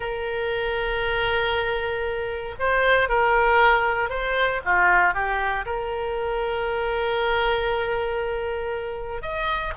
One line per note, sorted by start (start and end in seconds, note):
0.00 2.55 A#4
2.59 3.09 C5
3.09 4.09 A#4
4.09 4.60 C5
4.64 5.14 F4
5.14 5.65 G4
5.65 9.21 A#4
9.21 9.73 D#5